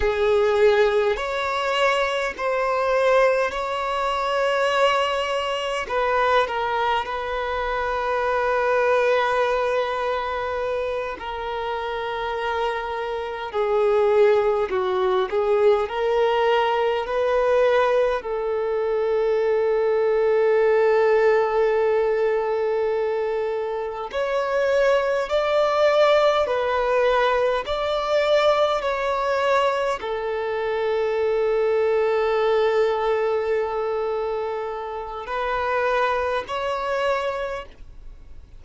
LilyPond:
\new Staff \with { instrumentName = "violin" } { \time 4/4 \tempo 4 = 51 gis'4 cis''4 c''4 cis''4~ | cis''4 b'8 ais'8 b'2~ | b'4. ais'2 gis'8~ | gis'8 fis'8 gis'8 ais'4 b'4 a'8~ |
a'1~ | a'8 cis''4 d''4 b'4 d''8~ | d''8 cis''4 a'2~ a'8~ | a'2 b'4 cis''4 | }